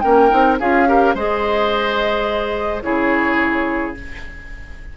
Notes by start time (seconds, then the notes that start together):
0.00 A#3 C#4 A#4 G5
0.29 C4 D#4
0.59 C#4 F4 G#4 F5
0.86 G4 A#4
1.14 G#3 G#4 C5 D#5
2.82 C#3 E4 G#4 C#5